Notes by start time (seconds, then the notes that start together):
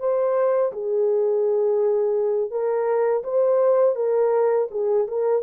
0.00 C5
0.73 G#4
2.51 A#4
3.24 C5
3.96 A#4
4.72 G#4
5.08 A#4